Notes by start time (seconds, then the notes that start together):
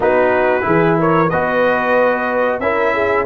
0.00 B3 D#4 F#4 B4
0.61 E3 E4 G#4
0.98 A#4 C#5
1.29 B3 F#4 B4 D#5
2.59 C#4 E4 A#4 E5
2.93 G#4